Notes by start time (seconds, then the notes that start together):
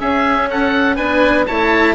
0.00 C#4 G#4 E5
0.51 A4 F#5
0.96 B3 D4 B4 G#5
1.46 A3 E4 C#5 A5